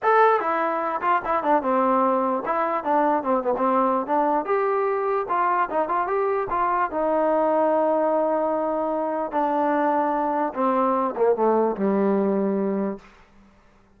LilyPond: \new Staff \with { instrumentName = "trombone" } { \time 4/4 \tempo 4 = 148 a'4 e'4. f'8 e'8 d'8 | c'2 e'4 d'4 | c'8 b16 c'4~ c'16 d'4 g'4~ | g'4 f'4 dis'8 f'8 g'4 |
f'4 dis'2.~ | dis'2. d'4~ | d'2 c'4. ais8 | a4 g2. | }